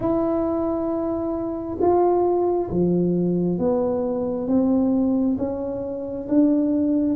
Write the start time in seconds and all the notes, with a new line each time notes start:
0.00 E4
1.80 F4
2.70 F3
3.58 B3
4.47 C4
5.37 C#4
6.28 D4